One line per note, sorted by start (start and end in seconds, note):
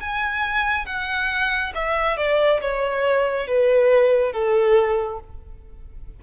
0.00 0.85 G#5
0.85 1.72 F#5
1.74 2.17 E5
2.17 2.60 D5
2.61 3.47 C#5
3.47 4.32 B4
4.32 5.19 A4